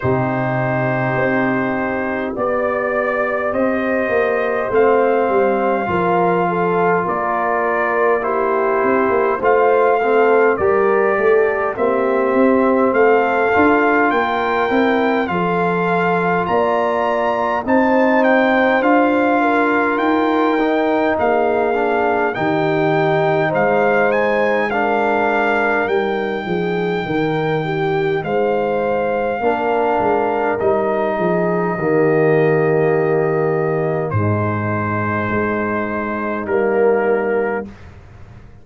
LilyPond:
<<
  \new Staff \with { instrumentName = "trumpet" } { \time 4/4 \tempo 4 = 51 c''2 d''4 dis''4 | f''2 d''4 c''4 | f''4 d''4 e''4 f''4 | g''4 f''4 ais''4 a''8 g''8 |
f''4 g''4 f''4 g''4 | f''8 gis''8 f''4 g''2 | f''2 dis''2~ | dis''4 c''2 ais'4 | }
  \new Staff \with { instrumentName = "horn" } { \time 4/4 g'2 d''4 c''4~ | c''4 ais'8 a'8 ais'4 g'4 | c''8 a'8 ais'8 a'8 g'4 a'4 | ais'4 a'4 d''4 c''4~ |
c''8 ais'4. gis'4 g'4 | c''4 ais'4. gis'8 ais'8 g'8 | c''4 ais'4. gis'8 g'4~ | g'4 dis'2. | }
  \new Staff \with { instrumentName = "trombone" } { \time 4/4 dis'2 g'2 | c'4 f'2 e'4 | f'8 c'8 g'4 c'4. f'8~ | f'8 e'8 f'2 dis'4 |
f'4. dis'4 d'8 dis'4~ | dis'4 d'4 dis'2~ | dis'4 d'4 dis'4 ais4~ | ais4 gis2 ais4 | }
  \new Staff \with { instrumentName = "tuba" } { \time 4/4 c4 c'4 b4 c'8 ais8 | a8 g8 f4 ais4. c'16 ais16 | a4 g8 a8 ais8 c'8 a8 d'8 | ais8 c'8 f4 ais4 c'4 |
d'4 dis'4 ais4 dis4 | gis2 g8 f8 dis4 | gis4 ais8 gis8 g8 f8 dis4~ | dis4 gis,4 gis4 g4 | }
>>